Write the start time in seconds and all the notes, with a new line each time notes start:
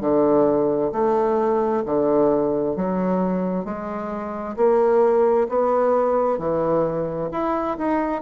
0.00 D3
0.92 A3
1.86 D3
2.76 F#3
3.64 G#3
4.56 A#3
5.48 B3
6.38 E3
7.31 E4
7.78 D#4